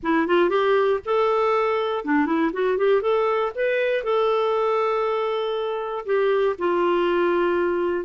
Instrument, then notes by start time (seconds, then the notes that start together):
clarinet
0.02 E4
0.27 F4
0.49 G4
1.05 A4
2.04 D4
2.26 E4
2.52 F#4
2.77 G4
3.01 A4
3.55 B4
4.03 A4
6.05 G4
6.58 F4